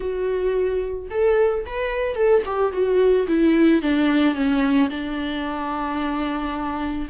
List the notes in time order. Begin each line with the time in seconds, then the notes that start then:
0.00 F#4
1.10 A4
1.66 B4
2.15 A4
2.45 G4
2.72 F#4
3.27 E4
3.82 D4
4.34 C#4
4.89 D4